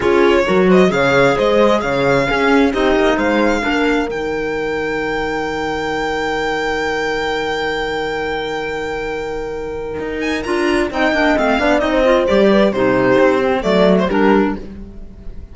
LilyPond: <<
  \new Staff \with { instrumentName = "violin" } { \time 4/4 \tempo 4 = 132 cis''4. dis''8 f''4 dis''4 | f''2 dis''4 f''4~ | f''4 g''2.~ | g''1~ |
g''1~ | g''2~ g''8 gis''8 ais''4 | g''4 f''4 dis''4 d''4 | c''2 d''8. c''16 ais'4 | }
  \new Staff \with { instrumentName = "horn" } { \time 4/4 gis'4 ais'8 c''8 cis''4 c''4 | cis''4 gis'4 g'4 c''4 | ais'1~ | ais'1~ |
ais'1~ | ais'1 | dis''4. d''8. c''4~ c''16 b'8 | g'2 a'4 g'4 | }
  \new Staff \with { instrumentName = "clarinet" } { \time 4/4 f'4 fis'4 gis'2~ | gis'4 cis'4 dis'2 | d'4 dis'2.~ | dis'1~ |
dis'1~ | dis'2. f'4 | dis'8 d'8 c'8 d'8 dis'8 f'8 g'4 | dis'4. c'8 a4 d'4 | }
  \new Staff \with { instrumentName = "cello" } { \time 4/4 cis'4 fis4 cis4 gis4 | cis4 cis'4 c'8 ais8 gis4 | ais4 dis2.~ | dis1~ |
dis1~ | dis2 dis'4 d'4 | c'8 ais8 a8 b8 c'4 g4 | c4 c'4 fis4 g4 | }
>>